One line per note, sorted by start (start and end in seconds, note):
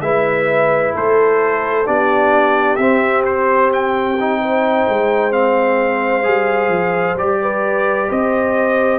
0.00 0.92 G#3
0.00 1.86 E4
0.00 0.95 B4
0.00 0.94 E5
0.95 1.88 A3
0.95 1.87 A4
0.95 1.87 C5
1.86 2.78 B3
1.86 2.78 D4
1.86 4.41 G4
1.86 2.76 D5
2.76 4.85 C4
2.76 4.18 C4
2.76 3.22 E5
3.25 3.72 C5
3.73 5.32 G5
4.20 5.31 D#4
4.42 7.42 C5
4.88 6.25 G#3
5.31 6.23 C4
5.31 7.17 F5
6.23 6.69 G3
6.23 7.16 G#4
6.69 7.15 F3
7.15 8.08 G3
7.15 8.99 G4
7.15 8.10 D5
7.42 8.09 B4
8.09 8.99 C4
8.09 8.99 C5
8.09 8.99 D#5